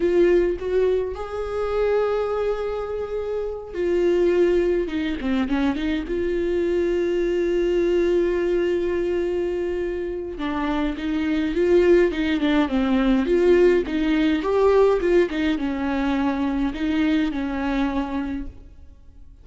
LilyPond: \new Staff \with { instrumentName = "viola" } { \time 4/4 \tempo 4 = 104 f'4 fis'4 gis'2~ | gis'2~ gis'8 f'4.~ | f'8 dis'8 c'8 cis'8 dis'8 f'4.~ | f'1~ |
f'2 d'4 dis'4 | f'4 dis'8 d'8 c'4 f'4 | dis'4 g'4 f'8 dis'8 cis'4~ | cis'4 dis'4 cis'2 | }